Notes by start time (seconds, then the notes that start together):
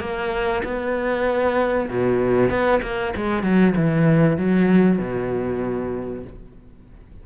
0.00 A#3
0.63 B3
1.89 B2
2.49 B3
2.82 A#3
3.16 G#3
3.43 F#3
3.75 E3
4.37 F#3
4.98 B2